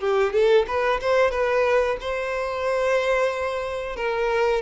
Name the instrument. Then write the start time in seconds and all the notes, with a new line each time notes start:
violin
0.00 G4
0.33 A4
0.67 B4
1.01 C5
1.31 B4
2.00 C5
3.96 A#4